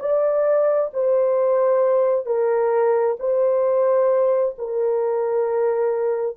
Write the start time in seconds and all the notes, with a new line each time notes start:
0.00 D5
0.93 C5
2.26 A#4
3.19 C5
4.58 A#4